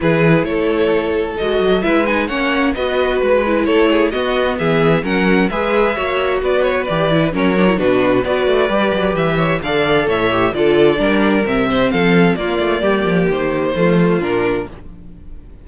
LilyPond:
<<
  \new Staff \with { instrumentName = "violin" } { \time 4/4 \tempo 4 = 131 b'4 cis''2 dis''4 | e''8 gis''8 fis''4 dis''4 b'4 | cis''4 dis''4 e''4 fis''4 | e''2 d''8 cis''8 d''4 |
cis''4 b'4 d''2 | e''4 f''4 e''4 d''4~ | d''4 e''4 f''4 d''4~ | d''4 c''2 ais'4 | }
  \new Staff \with { instrumentName = "violin" } { \time 4/4 gis'4 a'2. | b'4 cis''4 b'2 | a'8 gis'8 fis'4 gis'4 ais'4 | b'4 cis''4 b'2 |
ais'4 fis'4 b'2~ | b'8 cis''8 d''4 cis''4 a'4 | ais'4. c''8 a'4 f'4 | g'2 f'2 | }
  \new Staff \with { instrumentName = "viola" } { \time 4/4 e'2. fis'4 | e'8 dis'8 cis'4 fis'4. e'8~ | e'4 b2 cis'4 | gis'4 fis'2 g'8 e'8 |
cis'8 d'16 e'16 d'4 fis'4 g'4~ | g'4 a'4. g'8 f'4 | d'4 c'2 ais4~ | ais2 a4 d'4 | }
  \new Staff \with { instrumentName = "cello" } { \time 4/4 e4 a2 gis8 fis8 | gis4 ais4 b4 gis4 | a4 b4 e4 fis4 | gis4 ais4 b4 e4 |
fis4 b,4 b8 a8 g8 fis8 | e4 d4 a,4 d4 | g4 c4 f4 ais8 a8 | g8 f8 dis4 f4 ais,4 | }
>>